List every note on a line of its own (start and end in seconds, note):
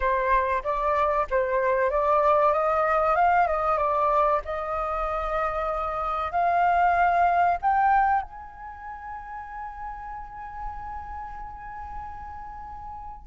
0.00 0.62 C5
0.63 1.26 D5
1.30 1.90 C5
1.90 2.53 D5
2.53 3.16 D#5
3.16 3.47 F5
3.47 3.77 D#5
3.77 4.40 D5
4.44 6.31 D#5
6.31 7.57 F5
7.61 8.21 G5
8.21 13.27 G#5